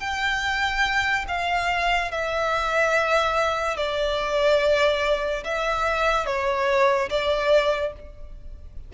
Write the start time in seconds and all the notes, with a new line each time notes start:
0.00 G5
1.28 F5
2.11 E5
3.77 D5
5.44 E5
6.26 C#5
7.09 D5